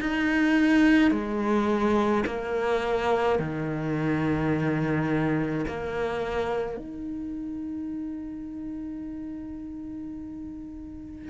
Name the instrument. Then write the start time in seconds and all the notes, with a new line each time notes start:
cello
0.00 D#4
1.11 G#3
2.26 A#3
3.39 D#3
5.68 A#3
6.77 D#4